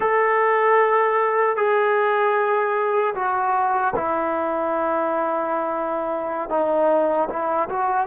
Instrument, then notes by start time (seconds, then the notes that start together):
trombone
0.00 A4
1.56 G#4
3.14 F#4
3.95 E4
6.50 D#4
7.29 E4
7.69 F#4